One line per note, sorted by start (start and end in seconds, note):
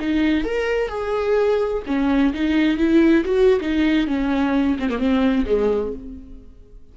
0.00 0.44 D#4
0.44 0.89 A#4
0.89 1.83 G#4
1.87 2.34 C#4
2.34 2.77 D#4
2.77 3.24 E4
3.25 3.60 F#4
3.61 4.07 D#4
4.07 4.77 C#4
4.79 4.90 C4
4.90 4.99 A#3
4.99 5.46 C4
5.46 5.93 G#3